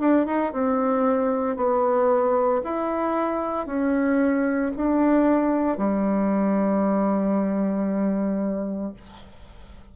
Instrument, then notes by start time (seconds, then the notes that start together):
bassoon
0.00 D4
0.26 D#4
0.53 C4
1.56 B3
2.63 E4
3.67 C#4
4.76 D4
5.78 G3